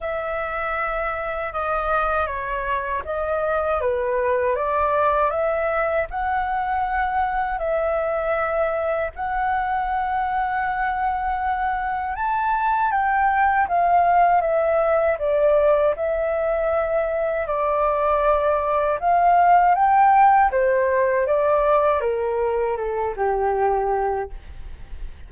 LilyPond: \new Staff \with { instrumentName = "flute" } { \time 4/4 \tempo 4 = 79 e''2 dis''4 cis''4 | dis''4 b'4 d''4 e''4 | fis''2 e''2 | fis''1 |
a''4 g''4 f''4 e''4 | d''4 e''2 d''4~ | d''4 f''4 g''4 c''4 | d''4 ais'4 a'8 g'4. | }